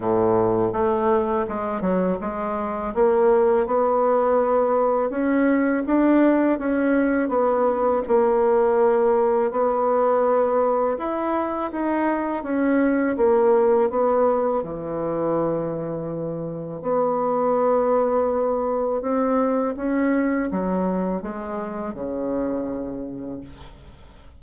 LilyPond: \new Staff \with { instrumentName = "bassoon" } { \time 4/4 \tempo 4 = 82 a,4 a4 gis8 fis8 gis4 | ais4 b2 cis'4 | d'4 cis'4 b4 ais4~ | ais4 b2 e'4 |
dis'4 cis'4 ais4 b4 | e2. b4~ | b2 c'4 cis'4 | fis4 gis4 cis2 | }